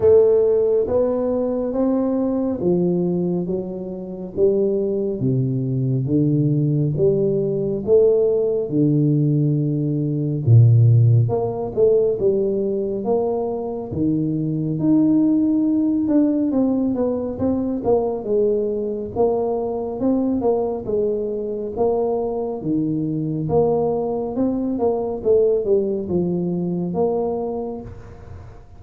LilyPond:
\new Staff \with { instrumentName = "tuba" } { \time 4/4 \tempo 4 = 69 a4 b4 c'4 f4 | fis4 g4 c4 d4 | g4 a4 d2 | ais,4 ais8 a8 g4 ais4 |
dis4 dis'4. d'8 c'8 b8 | c'8 ais8 gis4 ais4 c'8 ais8 | gis4 ais4 dis4 ais4 | c'8 ais8 a8 g8 f4 ais4 | }